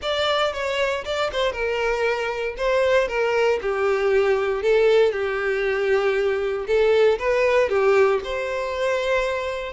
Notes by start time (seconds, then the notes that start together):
0.02 D5
0.53 C#5
1.04 D5
1.32 C5
1.52 A#4
2.57 C5
3.08 A#4
3.61 G4
4.62 A4
5.12 G4
6.67 A4
7.18 B4
7.69 G4
8.24 C5